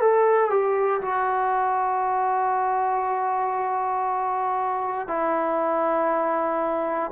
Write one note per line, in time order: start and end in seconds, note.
0.00 0.49 A4
0.49 1.00 G4
1.01 5.07 F#4
5.07 7.10 E4